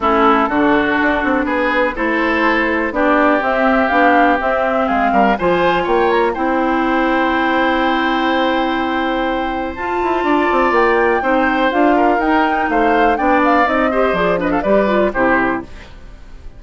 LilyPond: <<
  \new Staff \with { instrumentName = "flute" } { \time 4/4 \tempo 4 = 123 a'2. b'4 | c''2 d''4 e''4 | f''4 e''4 f''4 gis''4 | g''8 ais''8 g''2.~ |
g''1 | a''2 g''2 | f''4 g''4 f''4 g''8 f''8 | dis''4 d''8 dis''16 f''16 d''4 c''4 | }
  \new Staff \with { instrumentName = "oboe" } { \time 4/4 e'4 fis'2 gis'4 | a'2 g'2~ | g'2 gis'8 ais'8 c''4 | cis''4 c''2.~ |
c''1~ | c''4 d''2 c''4~ | c''8 ais'4. c''4 d''4~ | d''8 c''4 b'16 a'16 b'4 g'4 | }
  \new Staff \with { instrumentName = "clarinet" } { \time 4/4 cis'4 d'2. | e'2 d'4 c'4 | d'4 c'2 f'4~ | f'4 e'2.~ |
e'1 | f'2. dis'4 | f'4 dis'2 d'4 | dis'8 g'8 gis'8 d'8 g'8 f'8 e'4 | }
  \new Staff \with { instrumentName = "bassoon" } { \time 4/4 a4 d4 d'8 c'8 b4 | a2 b4 c'4 | b4 c'4 gis8 g8 f4 | ais4 c'2.~ |
c'1 | f'8 e'8 d'8 c'8 ais4 c'4 | d'4 dis'4 a4 b4 | c'4 f4 g4 c4 | }
>>